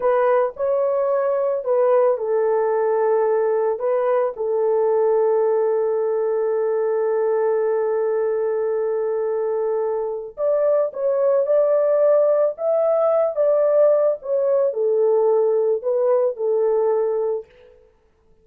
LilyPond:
\new Staff \with { instrumentName = "horn" } { \time 4/4 \tempo 4 = 110 b'4 cis''2 b'4 | a'2. b'4 | a'1~ | a'1~ |
a'2. d''4 | cis''4 d''2 e''4~ | e''8 d''4. cis''4 a'4~ | a'4 b'4 a'2 | }